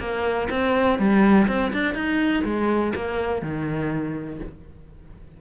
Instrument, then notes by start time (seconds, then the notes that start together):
cello
0.00 A#3
0.51 C4
0.99 G3
1.48 C4
1.73 D4
1.95 D#4
2.45 G#3
2.96 A#3
3.42 D#3